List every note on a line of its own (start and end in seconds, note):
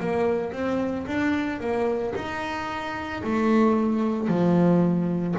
0.00 0.53 A#3
0.53 1.06 C4
1.07 1.60 D4
1.61 2.14 A#3
2.16 3.23 D#4
3.23 4.28 A3
4.28 5.35 F3